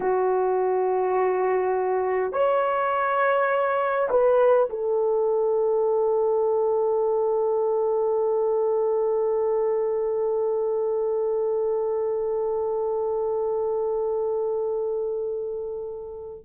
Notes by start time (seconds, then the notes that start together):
0.00 F#4
2.32 C#5
4.10 B4
4.70 A4